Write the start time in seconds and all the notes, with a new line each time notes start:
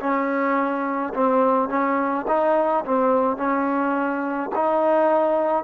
0.00 C#4
1.14 C4
1.69 C#4
2.28 D#4
2.86 C4
3.37 C#4
4.55 D#4